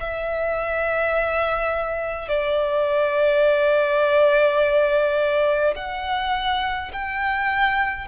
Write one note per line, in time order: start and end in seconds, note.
0.00 2.29 E5
2.29 5.75 D5
5.76 6.91 F#5
6.93 8.08 G5